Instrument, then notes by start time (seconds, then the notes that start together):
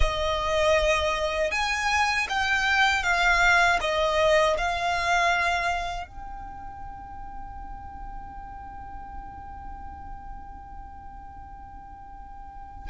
violin
0.00 D#5
1.51 G#5
2.29 G5
3.03 F5
3.80 D#5
4.57 F5
6.07 G5